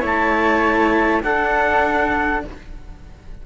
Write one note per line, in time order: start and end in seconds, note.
0.00 1.24 A3
0.00 1.21 E4
0.00 1.22 C#5
0.06 1.23 A5
1.22 2.44 D4
1.22 2.46 D4
1.22 2.46 A4
1.22 2.45 F#5